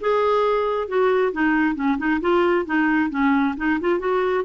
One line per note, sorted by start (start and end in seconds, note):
0.00 0.88 G#4
0.88 1.32 F#4
1.32 1.75 D#4
1.75 1.97 C#4
1.98 2.20 D#4
2.21 2.65 F4
2.65 3.10 D#4
3.10 3.55 C#4
3.57 3.79 D#4
3.80 3.99 F4
3.99 4.44 F#4